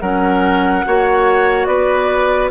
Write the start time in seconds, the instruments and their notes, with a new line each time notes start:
0.00 bassoon F#3, clarinet C#4, oboe A#4, flute F#5
0.85 bassoon A#3, clarinet F#4, oboe C#5
1.65 bassoon B3, oboe B4, flute D5